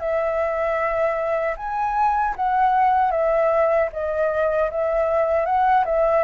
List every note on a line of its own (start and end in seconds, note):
0.00 1.56 E5
1.57 2.35 G#5
2.36 3.12 F#5
3.12 3.90 E5
3.93 4.71 D#5
4.71 5.46 E5
5.46 5.85 F#5
5.85 6.24 E5